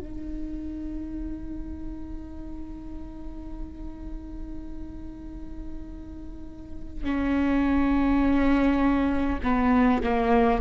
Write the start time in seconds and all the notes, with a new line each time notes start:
0.00 D#4
7.04 C#4
9.43 B3
10.04 A#3